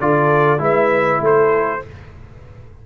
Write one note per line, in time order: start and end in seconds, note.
0.00 0.59 D3
0.00 0.58 F4
0.00 0.61 A4
0.00 0.61 D5
0.58 1.19 G#3
0.58 1.80 E4
0.58 1.22 B4
0.58 1.24 E5
1.21 1.81 A3
1.21 1.84 A4
1.21 1.86 C5